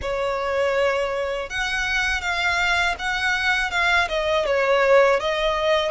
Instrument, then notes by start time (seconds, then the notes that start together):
violin
0.01 C#5
1.49 F#5
2.21 F5
2.98 F#5
3.70 F5
4.08 D#5
4.45 C#5
5.20 D#5